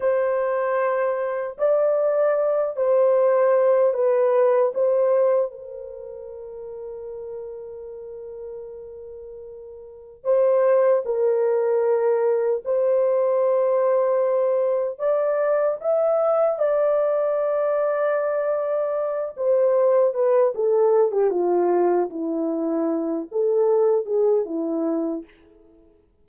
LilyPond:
\new Staff \with { instrumentName = "horn" } { \time 4/4 \tempo 4 = 76 c''2 d''4. c''8~ | c''4 b'4 c''4 ais'4~ | ais'1~ | ais'4 c''4 ais'2 |
c''2. d''4 | e''4 d''2.~ | d''8 c''4 b'8 a'8. g'16 f'4 | e'4. a'4 gis'8 e'4 | }